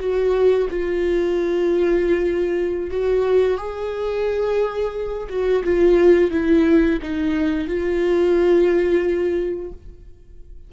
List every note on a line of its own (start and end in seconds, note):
0.00 0.68 F#4
0.70 2.91 F4
2.91 3.58 F#4
3.58 5.28 G#4
5.29 5.63 F#4
5.64 6.31 F4
6.31 6.99 E4
7.02 7.68 D#4
7.68 9.73 F4